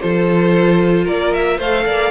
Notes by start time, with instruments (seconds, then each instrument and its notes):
0.00 cello F3, viola F4, violin A4 C5
1.04 cello A#3, violin A#4 D5
1.33 violin E5
1.57 cello A3, viola A4, violin C5 F5
1.85 cello A#3, violin D5